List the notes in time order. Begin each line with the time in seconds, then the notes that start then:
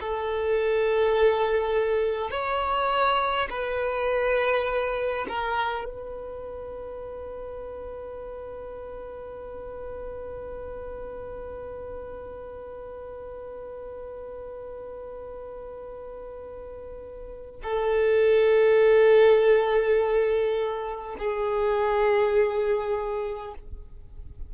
0.00 A4
2.30 C#5
3.50 B4
5.28 A#4
5.84 B4
17.63 A4
21.19 G#4